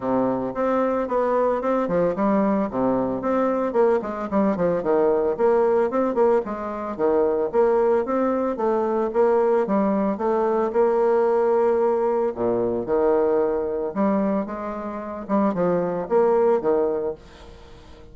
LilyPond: \new Staff \with { instrumentName = "bassoon" } { \time 4/4 \tempo 4 = 112 c4 c'4 b4 c'8 f8 | g4 c4 c'4 ais8 gis8 | g8 f8 dis4 ais4 c'8 ais8 | gis4 dis4 ais4 c'4 |
a4 ais4 g4 a4 | ais2. ais,4 | dis2 g4 gis4~ | gis8 g8 f4 ais4 dis4 | }